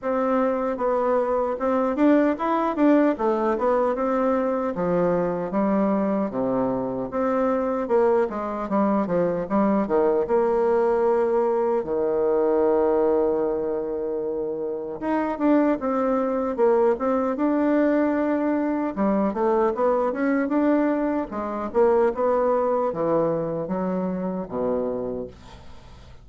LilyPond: \new Staff \with { instrumentName = "bassoon" } { \time 4/4 \tempo 4 = 76 c'4 b4 c'8 d'8 e'8 d'8 | a8 b8 c'4 f4 g4 | c4 c'4 ais8 gis8 g8 f8 | g8 dis8 ais2 dis4~ |
dis2. dis'8 d'8 | c'4 ais8 c'8 d'2 | g8 a8 b8 cis'8 d'4 gis8 ais8 | b4 e4 fis4 b,4 | }